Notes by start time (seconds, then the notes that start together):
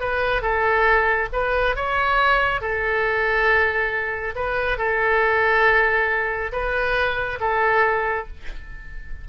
0.00 B4
0.41 A4
1.32 B4
1.75 C#5
2.60 A4
4.35 B4
4.77 A4
6.52 B4
7.40 A4